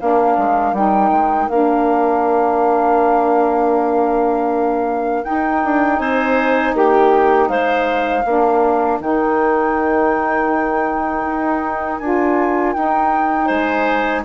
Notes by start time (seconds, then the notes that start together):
0.00 A#3 D4 A#4 F5
0.38 G#3
0.73 G3 D#4 G5
1.12 G#3
1.49 A#3 D4 F5
5.24 D#4 G5
5.64 D4
5.99 C4 C5 G#5
6.74 A#3 G4 G5
7.49 G#3 C5 F5
8.24 A#3 D4 A#4
9.00 D#3 D#4 G5
11.25 D#4
11.99 D4 F4 G#5
12.73 D#4 G5
13.46 G#3 C5 G#5